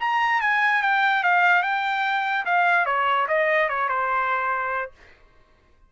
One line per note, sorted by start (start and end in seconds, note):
0.00 0.41 A#5
0.41 0.82 G#5
0.83 1.24 G5
1.24 1.63 F5
1.63 2.45 G5
2.45 2.86 F5
2.86 3.27 C#5
3.28 3.69 D#5
3.69 3.89 C#5
3.89 4.92 C5